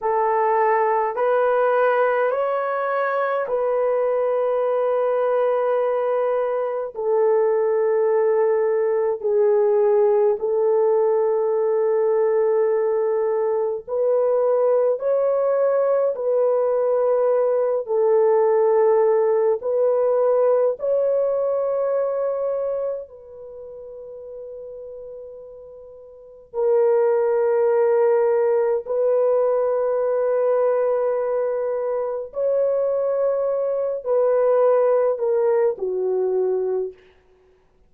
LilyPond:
\new Staff \with { instrumentName = "horn" } { \time 4/4 \tempo 4 = 52 a'4 b'4 cis''4 b'4~ | b'2 a'2 | gis'4 a'2. | b'4 cis''4 b'4. a'8~ |
a'4 b'4 cis''2 | b'2. ais'4~ | ais'4 b'2. | cis''4. b'4 ais'8 fis'4 | }